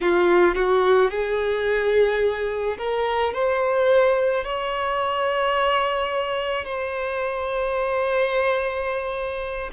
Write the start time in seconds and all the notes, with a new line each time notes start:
0.01 F4
0.55 F#4
1.10 G#4
2.78 A#4
3.33 C5
4.44 C#5
6.64 C5